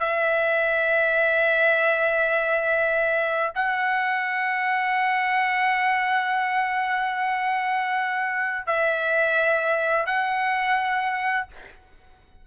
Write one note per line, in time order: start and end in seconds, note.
0.00 3.53 E5
3.55 8.67 F#5
8.67 10.06 E5
10.06 11.47 F#5